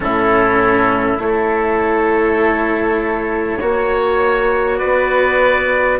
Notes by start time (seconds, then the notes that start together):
0.00 A2 C#4 E4 A4
1.18 A3 E4 C#5
1.24 A4
3.59 A#3 F#4 C#5
4.78 B3 B4 D5